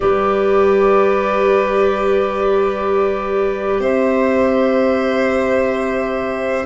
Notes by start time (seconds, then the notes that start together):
0.00 G3 G4 B4 D5
3.79 C4 C5 E5